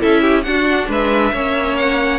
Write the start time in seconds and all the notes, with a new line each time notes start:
0.00 C#4 E4 A4 E5
0.22 G4
0.43 D4 F#4 F#5
0.88 G#3 B4 E5
1.33 A#3 C#4 C#5
1.77 F#5